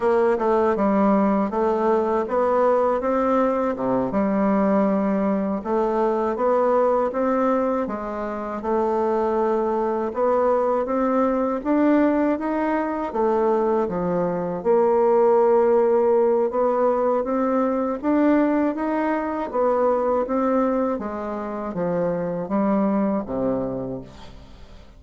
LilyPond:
\new Staff \with { instrumentName = "bassoon" } { \time 4/4 \tempo 4 = 80 ais8 a8 g4 a4 b4 | c'4 c8 g2 a8~ | a8 b4 c'4 gis4 a8~ | a4. b4 c'4 d'8~ |
d'8 dis'4 a4 f4 ais8~ | ais2 b4 c'4 | d'4 dis'4 b4 c'4 | gis4 f4 g4 c4 | }